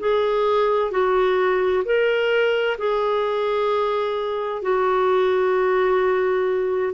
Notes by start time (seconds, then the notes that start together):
0.00 G#4
0.92 F#4
1.85 A#4
2.79 G#4
4.63 F#4